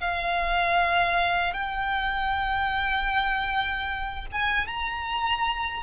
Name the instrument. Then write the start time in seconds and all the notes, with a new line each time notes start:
violin
0.00 F5
1.53 G5
4.32 G#5
4.67 A#5